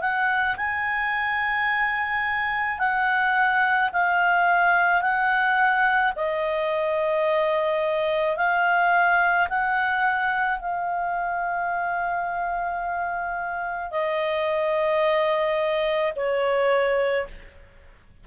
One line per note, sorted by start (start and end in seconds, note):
0.00 0.56 F#5
0.56 2.78 G#5
2.78 3.89 F#5
3.92 5.01 F5
5.01 6.12 F#5
6.16 8.36 D#5
8.36 9.47 F5
9.49 10.59 F#5
10.59 13.91 F5
13.91 16.13 D#5
16.16 17.27 C#5